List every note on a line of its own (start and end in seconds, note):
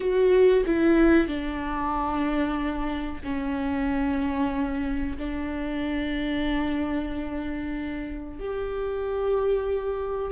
0.00 0.64 F#4
0.66 1.27 E4
1.27 3.21 D4
3.23 5.17 C#4
5.17 8.39 D4
8.39 10.31 G4